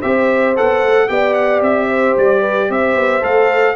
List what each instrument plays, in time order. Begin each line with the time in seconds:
0.00 tuba C4, trombone G4, horn C5, trumpet E5
0.56 tuba B3, trombone A4, trumpet F#5
0.82 tuba A3
1.09 tuba B3, trombone G4, horn D5, trumpet G5
1.34 trumpet F#5
1.61 tuba C4, trumpet E5
1.88 horn C5
2.17 tuba G3, trumpet D5
2.41 horn B4
2.69 tuba C4, horn C5, trumpet E5
2.95 tuba B3
3.21 tuba A3, trombone A4, trumpet F5